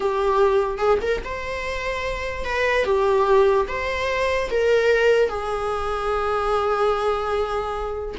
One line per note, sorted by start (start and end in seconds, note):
0.00 0.78 G4
0.78 0.98 G#4
1.01 1.22 A#4
1.24 2.44 C5
2.44 2.84 B4
2.84 3.66 G4
3.68 4.49 C5
4.50 5.29 A#4
5.29 8.14 G#4